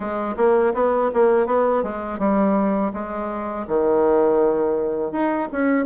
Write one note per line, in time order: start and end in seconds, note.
0.00 0.35 G#3
0.36 0.73 A#3
0.74 1.10 B3
1.13 1.46 A#3
1.46 1.83 B3
1.83 2.19 G#3
2.19 2.92 G3
2.93 3.66 G#3
3.68 5.12 D#3
5.12 5.48 D#4
5.52 5.85 C#4